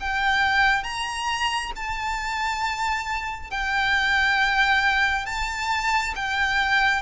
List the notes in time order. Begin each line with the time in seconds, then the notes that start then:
0.00 G5
0.83 A#5
1.76 A5
3.51 G5
5.26 A5
6.15 G5